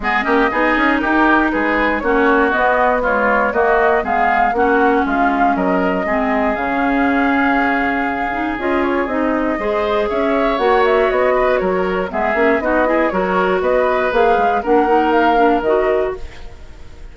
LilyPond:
<<
  \new Staff \with { instrumentName = "flute" } { \time 4/4 \tempo 4 = 119 dis''2 ais'4 b'4 | cis''4 dis''4 cis''4 dis''4 | f''4 fis''4 f''4 dis''4~ | dis''4 f''2.~ |
f''4 dis''8 cis''8 dis''2 | e''4 fis''8 e''8 dis''4 cis''4 | e''4 dis''4 cis''4 dis''4 | f''4 fis''4 f''4 dis''4 | }
  \new Staff \with { instrumentName = "oboe" } { \time 4/4 gis'8 g'8 gis'4 g'4 gis'4 | fis'2 f'4 fis'4 | gis'4 fis'4 f'4 ais'4 | gis'1~ |
gis'2. c''4 | cis''2~ cis''8 b'8 ais'4 | gis'4 fis'8 gis'8 ais'4 b'4~ | b'4 ais'2. | }
  \new Staff \with { instrumentName = "clarinet" } { \time 4/4 b8 cis'8 dis'2. | cis'4 b4 gis4 ais4 | b4 cis'2. | c'4 cis'2.~ |
cis'8 dis'8 f'4 dis'4 gis'4~ | gis'4 fis'2. | b8 cis'8 dis'8 e'8 fis'2 | gis'4 d'8 dis'4 d'8 fis'4 | }
  \new Staff \with { instrumentName = "bassoon" } { \time 4/4 gis8 ais8 b8 cis'8 dis'4 gis4 | ais4 b2 ais4 | gis4 ais4 gis4 fis4 | gis4 cis2.~ |
cis4 cis'4 c'4 gis4 | cis'4 ais4 b4 fis4 | gis8 ais8 b4 fis4 b4 | ais8 gis8 ais2 dis4 | }
>>